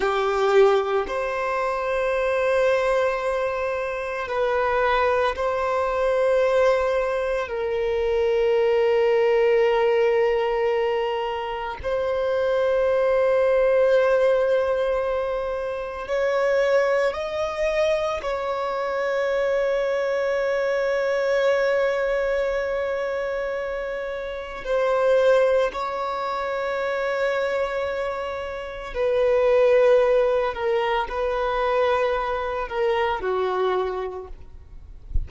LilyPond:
\new Staff \with { instrumentName = "violin" } { \time 4/4 \tempo 4 = 56 g'4 c''2. | b'4 c''2 ais'4~ | ais'2. c''4~ | c''2. cis''4 |
dis''4 cis''2.~ | cis''2. c''4 | cis''2. b'4~ | b'8 ais'8 b'4. ais'8 fis'4 | }